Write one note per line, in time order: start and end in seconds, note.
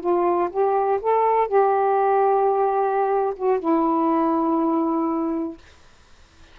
0.00 0.50 F4
0.50 1.00 G4
1.01 1.48 A4
1.48 3.34 G4
3.36 3.60 F#4
3.60 5.58 E4